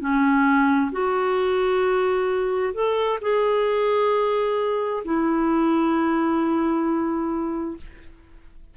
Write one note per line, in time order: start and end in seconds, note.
0.00 0.91 C#4
0.92 2.74 F#4
2.74 3.19 A4
3.21 5.03 G#4
5.04 7.77 E4